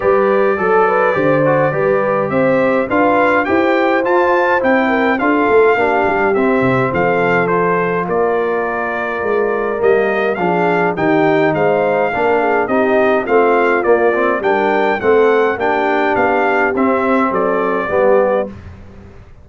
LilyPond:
<<
  \new Staff \with { instrumentName = "trumpet" } { \time 4/4 \tempo 4 = 104 d''1 | e''4 f''4 g''4 a''4 | g''4 f''2 e''4 | f''4 c''4 d''2~ |
d''4 dis''4 f''4 g''4 | f''2 dis''4 f''4 | d''4 g''4 fis''4 g''4 | f''4 e''4 d''2 | }
  \new Staff \with { instrumentName = "horn" } { \time 4/4 b'4 a'8 b'8 c''4 b'4 | c''4 b'4 c''2~ | c''8 ais'8 a'4 g'2 | a'2 ais'2~ |
ais'2 gis'4 g'4 | c''4 ais'8 gis'8 g'4 f'4~ | f'4 ais'4 a'4 g'4~ | g'2 a'4 g'4 | }
  \new Staff \with { instrumentName = "trombone" } { \time 4/4 g'4 a'4 g'8 fis'8 g'4~ | g'4 f'4 g'4 f'4 | e'4 f'4 d'4 c'4~ | c'4 f'2.~ |
f'4 ais4 d'4 dis'4~ | dis'4 d'4 dis'4 c'4 | ais8 c'8 d'4 c'4 d'4~ | d'4 c'2 b4 | }
  \new Staff \with { instrumentName = "tuba" } { \time 4/4 g4 fis4 d4 g4 | c'4 d'4 e'4 f'4 | c'4 d'8 a8 ais8 g8 c'8 c8 | f2 ais2 |
gis4 g4 f4 dis4 | gis4 ais4 c'4 a4 | ais4 g4 a4 ais4 | b4 c'4 fis4 g4 | }
>>